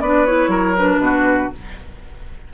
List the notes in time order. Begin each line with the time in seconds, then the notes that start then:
0.00 B3 D4 B4 D5
0.26 E4 C#5
0.47 F#3 A#4
0.77 D4 B4
0.99 B2 F#4